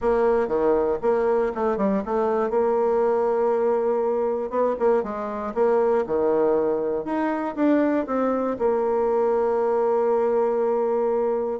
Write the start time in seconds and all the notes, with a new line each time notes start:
0.01 A#3
0.47 D#3
1.02 A#3
1.54 A3
1.77 G3
2.05 A3
2.50 A#3
4.50 B3
4.79 A#3
5.03 G#3
5.54 A#3
6.06 D#3
7.04 D#4
7.55 D4
8.06 C4
8.58 A#3